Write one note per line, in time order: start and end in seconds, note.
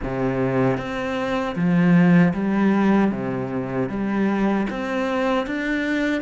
0.02 0.77 C3
0.77 1.55 C4
1.55 2.33 F3
2.33 3.11 G3
3.11 3.89 C3
3.89 4.66 G3
4.70 5.46 C4
5.46 6.21 D4